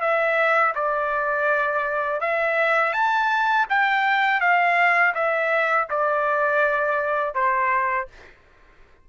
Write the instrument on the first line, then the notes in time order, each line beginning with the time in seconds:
trumpet
0.00 E5
0.75 D5
2.20 E5
2.93 A5
3.69 G5
4.40 F5
5.14 E5
5.90 D5
7.34 C5